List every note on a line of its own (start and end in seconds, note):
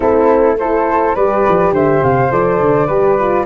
0.00 1.15 A3
0.00 0.58 C4
0.00 0.56 E4
0.00 0.56 A4
0.58 1.16 E4
0.58 1.15 A4
0.58 1.15 C5
1.15 1.44 G3
1.15 2.30 G4
1.15 1.72 B4
1.15 1.73 D5
1.48 1.72 F3
1.72 2.01 D3
1.72 2.87 C5
1.72 2.03 E5
2.03 2.31 C3
2.03 2.31 F5
2.30 2.60 F3
2.30 2.87 A4
2.30 3.46 D5
2.60 2.88 D3
2.87 3.46 G3
2.87 3.18 G4
2.87 3.44 B4
3.18 3.46 F4